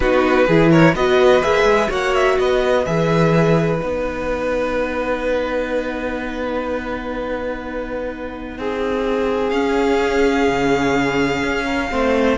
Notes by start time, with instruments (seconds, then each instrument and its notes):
0.00 cello B3, viola D#4, violin F#4 B4
0.47 cello E3, viola E4, violin G#4
0.71 violin A#4 C#5
0.95 cello B3, viola F#4, violin B4 D#5
1.41 cello A#3, viola G#4, violin E5
1.63 cello G#3
1.88 cello A#3, viola F#4, violin C#5 F#5
2.14 violin E5
2.38 cello B3, violin B4 D#5
2.85 cello E3, viola G#4, violin E5
3.79 cello B3, viola D#4, violin F#5
8.58 cello C4, violin G#4
9.49 cello C#4, viola C#4, violin F5
10.48 cello C#3
11.43 cello C#4
11.65 violin A#4
11.90 cello A3, viola C4, violin C5